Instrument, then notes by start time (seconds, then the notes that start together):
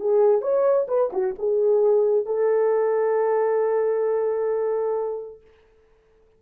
horn
0.00 G#4
0.42 C#5
0.88 B4
1.13 F#4
1.39 G#4
2.26 A4